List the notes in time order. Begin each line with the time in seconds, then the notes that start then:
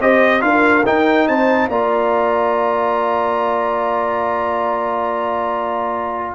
0.00 C4 G4 C5 D#5
0.40 D4 F4 A#4 F5
0.85 D#4 G5
1.27 C4 C5 A5
1.68 A#3 F4 D5 A#5